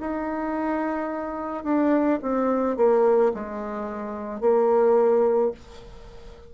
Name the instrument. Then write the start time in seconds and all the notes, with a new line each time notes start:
bassoon
0.00 D#4
1.64 D4
2.22 C4
2.77 A#3
3.34 G#3
4.40 A#3